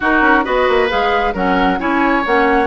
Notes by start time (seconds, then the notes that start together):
0.00 D#4 F#4 A#4
0.21 C#4
0.44 B3 F#4 B4 D#5
0.68 A#3
0.89 G#3 G#4 F5
1.34 F#3 C#4 A#4 F#5
1.78 C#4 E4 C#5 G#5
2.24 A#3 C#4 F#5